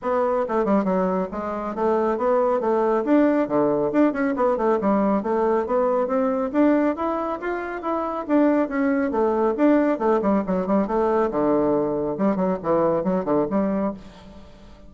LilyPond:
\new Staff \with { instrumentName = "bassoon" } { \time 4/4 \tempo 4 = 138 b4 a8 g8 fis4 gis4 | a4 b4 a4 d'4 | d4 d'8 cis'8 b8 a8 g4 | a4 b4 c'4 d'4 |
e'4 f'4 e'4 d'4 | cis'4 a4 d'4 a8 g8 | fis8 g8 a4 d2 | g8 fis8 e4 fis8 d8 g4 | }